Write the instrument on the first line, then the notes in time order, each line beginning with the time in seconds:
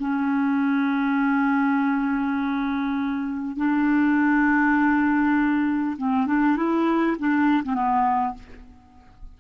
clarinet
0.00 C#4
3.57 D4
5.98 C4
6.27 D4
6.57 E4
7.19 D4
7.64 C4
7.74 B3